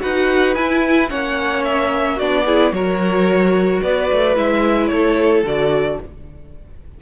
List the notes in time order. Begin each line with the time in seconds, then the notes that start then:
0.00 D#4 F#4 B4 F#5
0.55 E4 G#5
1.10 A#3 C#4 C#5 F#5
1.65 E5
2.16 B3 D4 F#4 D5
2.46 E4 G#4
2.72 F#3 F#4 A#4 C#5
3.82 B3 B4 D5
4.12 A3
4.35 G#3 E4 E5
4.87 A3 A4 C#5
5.43 D3 F#4 D5